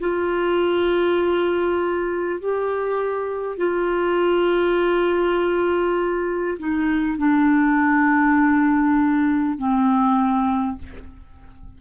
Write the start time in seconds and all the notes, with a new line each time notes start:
0.00 F4
2.40 G4
3.58 F4
6.59 D#4
7.18 D4
9.59 C4